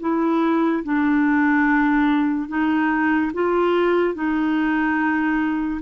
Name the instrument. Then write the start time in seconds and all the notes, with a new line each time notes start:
clarinet
0.00 E4
0.84 D4
2.48 D#4
3.34 F4
4.14 D#4